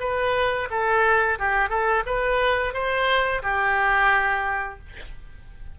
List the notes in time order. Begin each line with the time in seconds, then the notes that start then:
0.00 B4
0.70 A4
1.39 G4
1.69 A4
2.06 B4
2.74 C5
3.42 G4